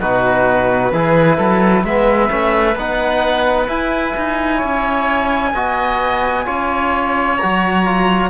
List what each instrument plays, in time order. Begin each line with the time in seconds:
0.00 cello B2, trombone D#4, oboe F#4, violin B4
0.92 cello E3, trombone E4, oboe G#4
1.37 cello F#3, oboe A4
1.83 cello G#3, trombone B3, oboe B4, violin E5
2.29 cello A3, trombone C#4
2.76 cello B3, trombone D#4, violin F#5
3.67 trombone E4, cello E4, violin G#5
4.17 cello D#4
4.57 oboe C#5
4.63 cello C#4
5.54 cello B3, trombone F#4, oboe D#5
6.45 cello C#4, trombone F4, oboe C#5
7.37 cello F#3, trombone F#4, violin A#5
7.84 trombone F4